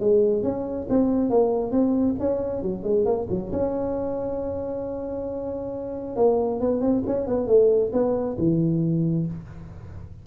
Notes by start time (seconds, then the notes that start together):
0.00 G#3
0.43 C#4
0.90 C4
1.30 A#3
1.71 C4
2.19 C#4
2.62 F#3
2.84 G#3
3.06 A#3
3.30 F#3
3.53 C#4
6.16 A#3
6.61 B3
6.81 C4
7.07 C#4
7.27 B3
7.47 A3
7.93 B3
8.38 E3